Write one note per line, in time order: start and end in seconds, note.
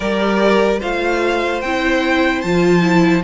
0.00 0.80 G3
0.00 0.81 G4
0.00 0.79 A#4
0.00 0.80 D5
0.79 1.62 A3
0.79 1.62 F4
0.79 3.23 C5
0.79 1.61 F5
1.61 2.43 C4
1.61 2.45 E4
1.61 2.41 G5
2.41 3.23 F3
2.41 2.81 F4
2.41 3.22 A5
2.81 3.22 E4